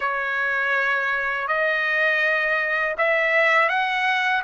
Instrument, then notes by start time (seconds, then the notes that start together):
trumpet
0.00 C#5
1.47 D#5
2.97 E5
3.68 F#5